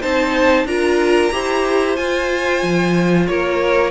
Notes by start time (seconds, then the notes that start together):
0.00 C4 D#4 C5 A5
0.65 D4 F4 A#4 A#5
1.32 E4 G4 C5
1.96 F4 G#5
2.62 F3
3.27 A#3 A#4 C#5